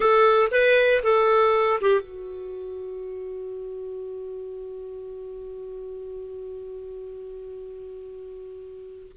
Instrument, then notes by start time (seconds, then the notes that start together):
clarinet
0.00 A4
0.51 B4
1.03 A4
1.81 G4
2.00 F#4